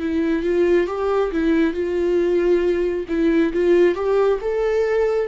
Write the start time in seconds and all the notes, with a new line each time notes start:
0.00 E4
0.43 F4
0.87 G4
1.32 E4
1.74 F4
3.09 E4
3.54 F4
3.96 G4
4.42 A4